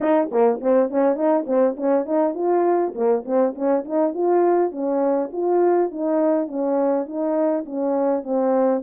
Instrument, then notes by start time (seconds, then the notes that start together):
horn
0.01 D#4
0.31 A#3
0.60 C4
0.90 C#4
1.15 D#4
1.46 C4
1.76 C#4
2.05 D#4
2.34 F4
2.94 A#3
3.25 C4
3.55 C#4
3.84 D#4
4.14 F4
4.71 C#4
5.32 F4
5.91 D#4
6.47 C#4
7.06 D#4
7.65 C#4
8.23 C4